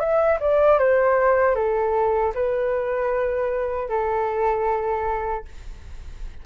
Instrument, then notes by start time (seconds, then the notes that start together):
flute
0.00 E5
0.40 D5
0.79 C5
1.55 A4
2.35 B4
3.89 A4